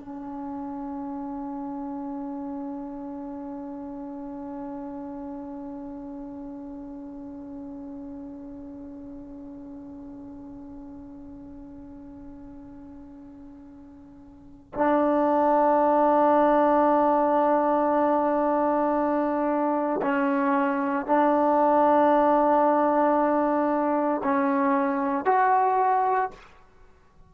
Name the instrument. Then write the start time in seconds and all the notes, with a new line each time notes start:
trombone
0.00 C#4
14.75 D4
20.02 C#4
21.06 D4
24.24 C#4
25.25 F#4